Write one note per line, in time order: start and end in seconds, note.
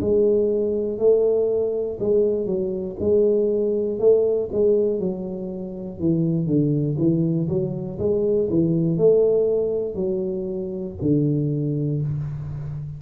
0.00 0.98 G#3
0.98 1.98 A3
1.99 2.46 G#3
2.46 2.96 F#3
2.99 3.99 G#3
3.99 4.49 A3
4.52 5.00 G#3
5.00 6.00 F#3
6.00 6.46 E3
6.46 6.96 D3
6.98 7.48 E3
7.48 7.98 F#3
7.98 8.48 G#3
8.49 8.98 E3
8.98 9.95 A3
9.95 10.95 F#3
11.01 12.01 D3